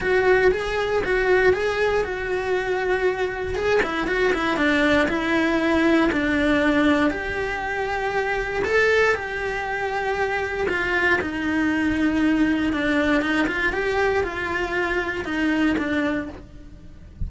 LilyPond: \new Staff \with { instrumentName = "cello" } { \time 4/4 \tempo 4 = 118 fis'4 gis'4 fis'4 gis'4 | fis'2. gis'8 e'8 | fis'8 e'8 d'4 e'2 | d'2 g'2~ |
g'4 a'4 g'2~ | g'4 f'4 dis'2~ | dis'4 d'4 dis'8 f'8 g'4 | f'2 dis'4 d'4 | }